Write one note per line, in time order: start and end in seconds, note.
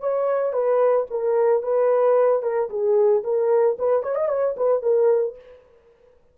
0.00 0.53 C#5
0.53 1.06 B4
1.10 1.63 A#4
1.63 2.42 B4
2.42 2.69 A#4
2.70 3.23 G#4
3.24 3.77 A#4
3.79 4.03 B4
4.03 4.15 C#5
4.15 4.28 D#5
4.28 4.55 C#5
4.57 4.82 B4
4.82 5.36 A#4